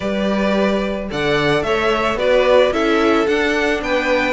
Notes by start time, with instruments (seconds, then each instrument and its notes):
0.00 cello G3, viola G4, violin B4 D5
1.10 cello D3, viola A4, violin D5 F#5
1.62 cello A3, violin C#5 E5
2.14 cello B3, viola F#4, violin B4 D5
2.72 cello C#4, viola E4, violin A4 E5
3.27 cello D4, viola D4, violin F#5
3.81 cello B3, violin B4 G5